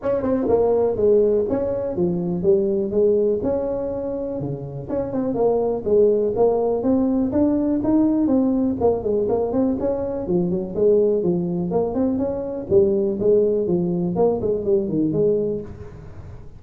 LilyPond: \new Staff \with { instrumentName = "tuba" } { \time 4/4 \tempo 4 = 123 cis'8 c'8 ais4 gis4 cis'4 | f4 g4 gis4 cis'4~ | cis'4 cis4 cis'8 c'8 ais4 | gis4 ais4 c'4 d'4 |
dis'4 c'4 ais8 gis8 ais8 c'8 | cis'4 f8 fis8 gis4 f4 | ais8 c'8 cis'4 g4 gis4 | f4 ais8 gis8 g8 dis8 gis4 | }